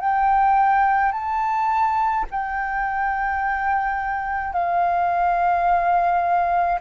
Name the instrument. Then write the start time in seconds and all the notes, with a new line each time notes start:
flute
0.00 G5
1.12 A5
2.31 G5
4.53 F5